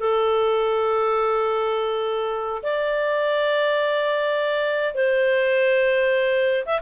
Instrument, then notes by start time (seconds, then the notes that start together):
clarinet
0.00 A4
2.63 D5
4.95 C5
6.66 E5